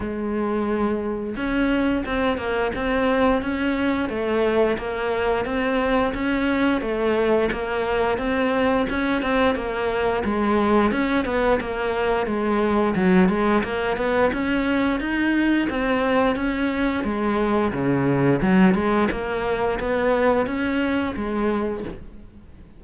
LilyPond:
\new Staff \with { instrumentName = "cello" } { \time 4/4 \tempo 4 = 88 gis2 cis'4 c'8 ais8 | c'4 cis'4 a4 ais4 | c'4 cis'4 a4 ais4 | c'4 cis'8 c'8 ais4 gis4 |
cis'8 b8 ais4 gis4 fis8 gis8 | ais8 b8 cis'4 dis'4 c'4 | cis'4 gis4 cis4 fis8 gis8 | ais4 b4 cis'4 gis4 | }